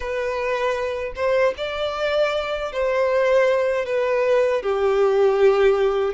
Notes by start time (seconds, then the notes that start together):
0.00 B4
1.15 C5
1.57 D5
2.72 C5
3.85 B4
4.62 G4